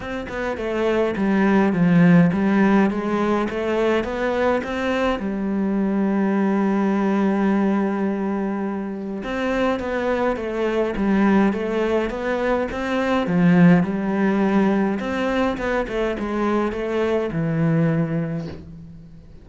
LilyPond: \new Staff \with { instrumentName = "cello" } { \time 4/4 \tempo 4 = 104 c'8 b8 a4 g4 f4 | g4 gis4 a4 b4 | c'4 g2.~ | g1 |
c'4 b4 a4 g4 | a4 b4 c'4 f4 | g2 c'4 b8 a8 | gis4 a4 e2 | }